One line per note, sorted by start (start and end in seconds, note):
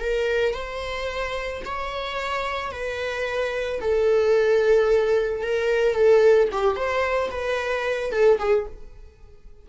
0.00 0.54 A#4
0.54 1.62 C5
1.65 2.72 C#5
2.72 3.80 B4
3.81 5.42 A4
5.42 5.95 A#4
5.95 6.49 A4
6.52 6.76 G4
6.76 7.30 C5
7.31 8.12 B4
8.12 8.39 A4
8.39 8.66 G#4